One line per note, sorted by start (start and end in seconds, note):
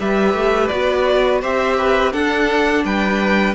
0.00 0.34 G3
0.00 0.71 G4
0.00 1.41 B4
0.00 0.68 E5
0.34 0.70 A3
0.68 1.43 B3
0.68 1.42 F#4
0.68 1.39 D5
1.41 2.14 C4
1.41 2.12 G4
1.41 1.77 C5
1.41 2.13 E5
1.78 2.13 B4
2.12 3.55 D4
2.12 2.85 D4
2.12 2.84 A4
2.12 2.84 F#5
2.85 3.55 G3
2.85 3.55 B4
2.85 3.55 G5